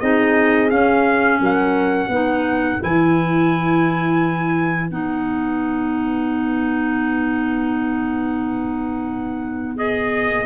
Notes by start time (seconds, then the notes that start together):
0.00 C4 D#4 G#4 D#5
0.69 C#4 F5
1.40 F#3 A#4 F#5
2.08 B3 D#4 B4
2.80 E3 E4 G#5
4.90 B3 D#4 F#5
9.76 G#4 D#5